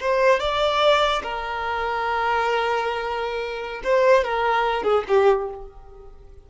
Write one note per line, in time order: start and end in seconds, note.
0.00 0.39 C5
0.39 1.22 D5
1.23 3.81 A#4
3.83 4.24 C5
4.24 4.83 A#4
4.83 5.04 G#4
5.07 5.49 G4